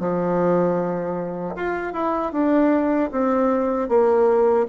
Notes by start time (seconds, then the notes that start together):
0.00 F3
1.56 F4
1.94 E4
2.33 D4
3.12 C4
3.89 A#3